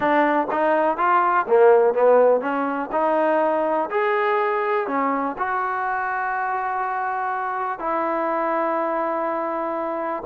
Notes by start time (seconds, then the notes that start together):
0.00 D4
0.51 D#4
0.97 F4
1.47 A#3
1.94 B3
2.40 C#4
2.92 D#4
3.90 G#4
4.87 C#4
5.38 F#4
7.79 E4